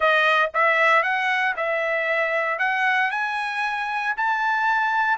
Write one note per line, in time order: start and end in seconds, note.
0.00 0.50 D#5
0.54 1.03 E5
1.03 1.54 F#5
1.56 2.59 E5
2.59 3.10 F#5
3.11 4.14 G#5
4.16 5.17 A5